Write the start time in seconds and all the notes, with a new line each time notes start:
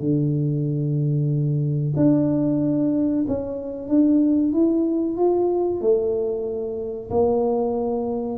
0.00 D3
1.97 D4
3.28 C#4
3.89 D4
4.53 E4
5.17 F4
5.81 A3
7.11 A#3